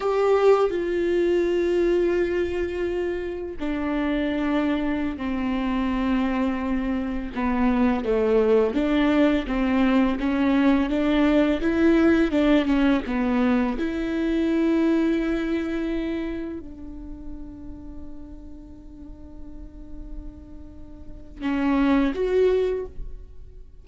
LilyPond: \new Staff \with { instrumentName = "viola" } { \time 4/4 \tempo 4 = 84 g'4 f'2.~ | f'4 d'2~ d'16 c'8.~ | c'2~ c'16 b4 a8.~ | a16 d'4 c'4 cis'4 d'8.~ |
d'16 e'4 d'8 cis'8 b4 e'8.~ | e'2.~ e'16 d'8.~ | d'1~ | d'2 cis'4 fis'4 | }